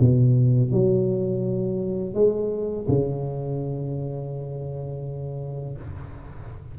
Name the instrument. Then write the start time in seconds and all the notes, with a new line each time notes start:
tuba
0.00 B2
0.72 F#3
2.14 G#3
2.88 C#3